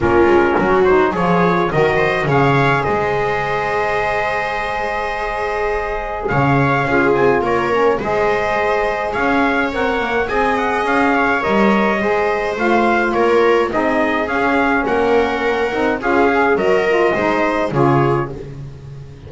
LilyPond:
<<
  \new Staff \with { instrumentName = "trumpet" } { \time 4/4 \tempo 4 = 105 ais'4. c''8 cis''4 dis''4 | f''4 dis''2.~ | dis''2. f''4~ | f''8 gis''8 cis''4 dis''2 |
f''4 fis''4 gis''8 fis''8 f''4 | dis''2 f''4 cis''4 | dis''4 f''4 fis''2 | f''4 dis''2 cis''4 | }
  \new Staff \with { instrumentName = "viola" } { \time 4/4 f'4 fis'4 gis'4 ais'8 c''8 | cis''4 c''2.~ | c''2. cis''4 | gis'4 ais'4 c''2 |
cis''2 dis''4. cis''8~ | cis''4 c''2 ais'4 | gis'2 ais'2 | gis'4 ais'4 c''4 gis'4 | }
  \new Staff \with { instrumentName = "saxophone" } { \time 4/4 cis'4. dis'8 f'4 fis'4 | gis'1~ | gis'1 | f'4. cis'8 gis'2~ |
gis'4 ais'4 gis'2 | ais'4 gis'4 f'2 | dis'4 cis'2~ cis'8 dis'8 | f'8 gis'8 fis'8 f'8 dis'4 f'4 | }
  \new Staff \with { instrumentName = "double bass" } { \time 4/4 ais8 gis8 fis4 f4 dis4 | cis4 gis2.~ | gis2. cis4 | cis'8 c'8 ais4 gis2 |
cis'4 c'8 ais8 c'4 cis'4 | g4 gis4 a4 ais4 | c'4 cis'4 ais4. c'8 | cis'4 fis4 gis4 cis4 | }
>>